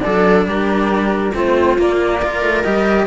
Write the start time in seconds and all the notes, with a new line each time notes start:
0.00 D4 A4 D5
0.06 F#3
0.46 G3 G4 A#4
1.35 A3 C4 F4 C5
1.78 A#3 D5
2.19 F4 A#4
2.42 A3
2.63 G3 G4 D#5